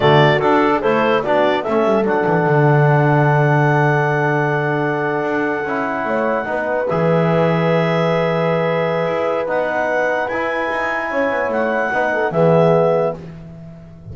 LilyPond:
<<
  \new Staff \with { instrumentName = "clarinet" } { \time 4/4 \tempo 4 = 146 d''4 a'4 c''4 d''4 | e''4 fis''2.~ | fis''1~ | fis''1~ |
fis''8. e''2.~ e''16~ | e''2. fis''4~ | fis''4 gis''2. | fis''2 e''2 | }
  \new Staff \with { instrumentName = "horn" } { \time 4/4 fis'4.~ fis'16 gis'16 a'4 fis'4 | a'1~ | a'1~ | a'2~ a'8. cis''4 b'16~ |
b'1~ | b'1~ | b'2. cis''4~ | cis''4 b'8 a'8 gis'2 | }
  \new Staff \with { instrumentName = "trombone" } { \time 4/4 a4 d'4 e'4 d'4 | cis'4 d'2.~ | d'1~ | d'4.~ d'16 e'2 dis'16~ |
dis'8. gis'2.~ gis'16~ | gis'2. dis'4~ | dis'4 e'2.~ | e'4 dis'4 b2 | }
  \new Staff \with { instrumentName = "double bass" } { \time 4/4 d4 d'4 a4 b4 | a8 g8 fis8 e8 d2~ | d1~ | d8. d'4 cis'4 a4 b16~ |
b8. e2.~ e16~ | e2 e'4 b4~ | b4 e'4 dis'4 cis'8 b8 | a4 b4 e2 | }
>>